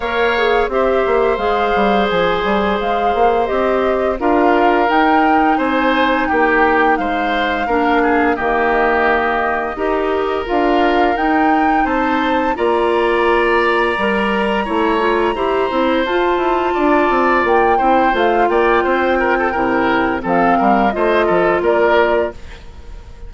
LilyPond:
<<
  \new Staff \with { instrumentName = "flute" } { \time 4/4 \tempo 4 = 86 f''4 e''4 f''4 gis''4 | f''4 dis''4 f''4 g''4 | gis''4 g''4 f''2 | dis''2. f''4 |
g''4 a''4 ais''2~ | ais''2. a''4~ | a''4 g''4 f''8 g''4.~ | g''4 f''4 dis''4 d''4 | }
  \new Staff \with { instrumentName = "oboe" } { \time 4/4 cis''4 c''2.~ | c''2 ais'2 | c''4 g'4 c''4 ais'8 gis'8 | g'2 ais'2~ |
ais'4 c''4 d''2~ | d''4 cis''4 c''2 | d''4. c''4 d''8 c''8 ais'16 a'16 | ais'4 a'8 ais'8 c''8 a'8 ais'4 | }
  \new Staff \with { instrumentName = "clarinet" } { \time 4/4 ais'8 gis'8 g'4 gis'2~ | gis'4 g'4 f'4 dis'4~ | dis'2. d'4 | ais2 g'4 f'4 |
dis'2 f'2 | ais'4 e'8 f'8 g'8 e'8 f'4~ | f'4. e'8 f'2 | e'4 c'4 f'2 | }
  \new Staff \with { instrumentName = "bassoon" } { \time 4/4 ais4 c'8 ais8 gis8 g8 f8 g8 | gis8 ais8 c'4 d'4 dis'4 | c'4 ais4 gis4 ais4 | dis2 dis'4 d'4 |
dis'4 c'4 ais2 | g4 a4 e'8 c'8 f'8 e'8 | d'8 c'8 ais8 c'8 a8 ais8 c'4 | c4 f8 g8 a8 f8 ais4 | }
>>